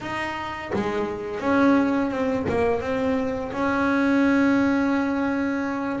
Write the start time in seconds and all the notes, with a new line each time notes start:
0.00 D#4
0.73 G#3
1.40 C#4
2.10 C4
2.49 A#3
2.80 C4
3.52 C#4